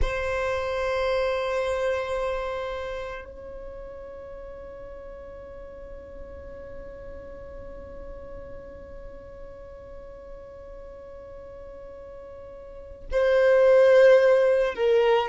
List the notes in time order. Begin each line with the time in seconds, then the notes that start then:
0.01 C5
3.24 C#5
13.11 C5
14.74 A#4